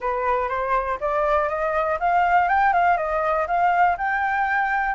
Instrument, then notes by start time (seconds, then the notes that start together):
flute
0.00 B4
0.48 C5
1.00 D5
1.49 D#5
1.99 F5
2.48 G5
2.73 F5
2.97 D#5
3.47 F5
3.97 G5